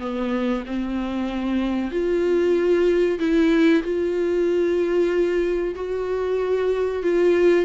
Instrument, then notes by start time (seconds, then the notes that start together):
viola
0.00 B3
0.66 C4
1.91 F4
3.19 E4
3.84 F4
5.76 F#4
7.03 F4